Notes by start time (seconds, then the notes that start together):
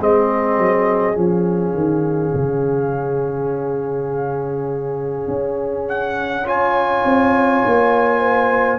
0.00 G#3 C4 G#4 D#5
0.58 F#3
1.14 F3 C#4 F5
1.74 D#3
2.35 C#3
5.28 C#4
5.89 F#5
6.44 F4 C#5 G#5
7.05 C4
7.66 A#3
8.20 C5